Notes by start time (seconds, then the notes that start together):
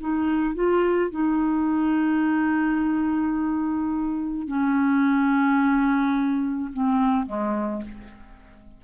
0.00 D#4
0.54 F4
1.11 D#4
4.47 C#4
6.73 C4
7.26 G#3